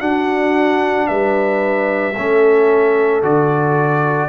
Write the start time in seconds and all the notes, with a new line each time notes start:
0.00 D4 F#4 F#5
1.07 G3 B4 E5
2.16 A3 C#4 A4
3.23 D3 F#4 D5